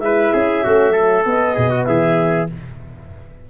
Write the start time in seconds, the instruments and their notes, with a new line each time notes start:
0.00 tuba G#3, horn E4, trumpet B4, clarinet E5
0.34 tuba C#4, trumpet G#4
0.64 tuba A3, horn C#4, trumpet F#4
0.91 horn F#3, trumpet A4
1.26 tuba B3, horn B3, clarinet D#5
1.55 tuba B2, trumpet G#4
1.70 trumpet F#4
1.85 tuba E3, trumpet G#4, clarinet E5